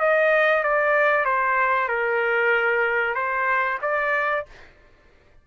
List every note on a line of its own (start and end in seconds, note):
0.00 0.64 D#5
0.64 1.25 D5
1.25 1.88 C5
1.88 3.15 A#4
3.15 3.79 C5
3.82 4.46 D5